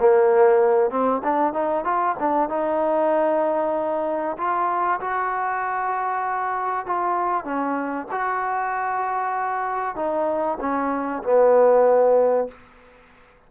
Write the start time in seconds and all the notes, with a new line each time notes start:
0.00 A#3
0.91 C4
1.24 D4
1.54 D#4
1.85 F4
2.20 D4
2.50 D#4
4.38 F4
5.01 F#4
6.87 F4
7.45 C#4
8.12 F#4
9.96 D#4
10.61 C#4
11.24 B3